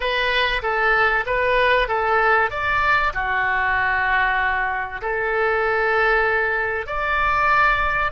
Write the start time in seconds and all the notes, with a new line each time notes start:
0.00 B4
0.62 A4
1.26 B4
1.88 A4
2.50 D5
3.13 F#4
5.01 A4
6.86 D5